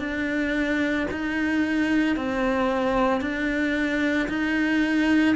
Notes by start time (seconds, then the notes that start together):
0.00 D4
1.12 D#4
2.17 C4
3.21 D4
4.29 D#4